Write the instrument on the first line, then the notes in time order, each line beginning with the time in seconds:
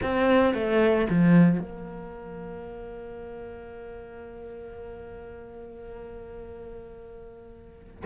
cello
0.02 C4
0.54 A3
1.09 F3
1.59 A#3